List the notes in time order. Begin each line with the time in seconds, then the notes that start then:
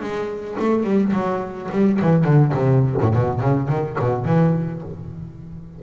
0.00 G#3
0.59 A3
0.83 G3
1.12 F#3
1.71 G3
2.01 E3
2.24 D3
2.53 C3
3.01 A2
3.14 B2
3.40 C#3
3.68 D#3
3.99 B2
4.25 E3